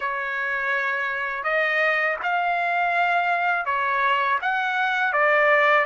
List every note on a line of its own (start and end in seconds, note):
0.00 1.43 C#5
1.43 2.16 D#5
2.23 3.66 F5
3.66 4.39 C#5
4.41 5.12 F#5
5.12 5.85 D5